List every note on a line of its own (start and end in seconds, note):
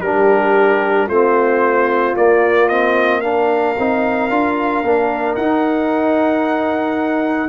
0.00 1.07 G3
0.00 1.10 D4
0.00 1.07 G4
0.00 1.08 A#4
1.07 2.14 A3
1.07 2.16 C4
1.07 3.21 F4
1.07 2.16 C5
2.16 2.69 A#3
2.16 3.77 A#3
2.16 2.68 D5
2.68 3.22 C4
2.68 3.21 D#5
3.21 3.76 D4
3.21 7.48 A#4
3.21 5.35 F5
3.78 4.30 C4
3.78 4.30 D#4
4.30 4.82 D4
4.30 4.84 F4
4.82 5.36 A#3
4.82 5.38 D4
5.35 7.48 D#4
5.35 7.48 F#5